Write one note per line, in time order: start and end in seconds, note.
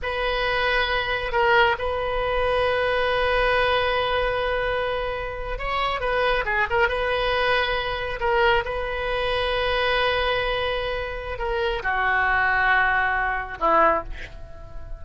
0.02 1.32 B4
1.32 1.76 A#4
1.78 5.58 B4
5.58 6.00 C#5
6.00 6.44 B4
6.45 6.67 G#4
6.70 6.88 A#4
6.88 8.19 B4
8.20 8.64 A#4
8.64 11.38 B4
11.38 11.82 A#4
11.82 13.58 F#4
13.59 14.03 E4